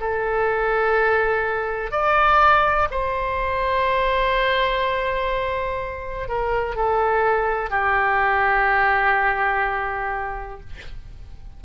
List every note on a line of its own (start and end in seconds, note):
0.00 1.91 A4
1.91 2.88 D5
2.91 6.29 C5
6.29 6.76 A#4
6.76 7.70 A4
7.70 10.60 G4